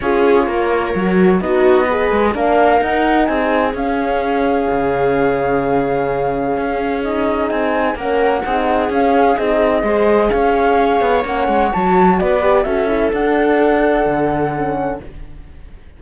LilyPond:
<<
  \new Staff \with { instrumentName = "flute" } { \time 4/4 \tempo 4 = 128 cis''2. dis''4~ | dis''4 f''4 fis''4 gis''4 | f''1~ | f''2. dis''4 |
gis''4 fis''2 f''4 | dis''2 f''2 | fis''4 a''4 d''4 e''4 | fis''1 | }
  \new Staff \with { instrumentName = "viola" } { \time 4/4 gis'4 ais'2 fis'4 | b'4 ais'2 gis'4~ | gis'1~ | gis'1~ |
gis'4 ais'4 gis'2~ | gis'4 c''4 cis''2~ | cis''2 b'4 a'4~ | a'1 | }
  \new Staff \with { instrumentName = "horn" } { \time 4/4 f'2 fis'4 dis'4 | gis'4 d'4 dis'2 | cis'1~ | cis'2. dis'4~ |
dis'4 cis'4 dis'4 cis'4 | dis'4 gis'2. | cis'4 fis'4. g'8 fis'8 e'8 | d'2. cis'4 | }
  \new Staff \with { instrumentName = "cello" } { \time 4/4 cis'4 ais4 fis4 b4~ | b8 gis8 ais4 dis'4 c'4 | cis'2 cis2~ | cis2 cis'2 |
c'4 ais4 c'4 cis'4 | c'4 gis4 cis'4. b8 | ais8 gis8 fis4 b4 cis'4 | d'2 d2 | }
>>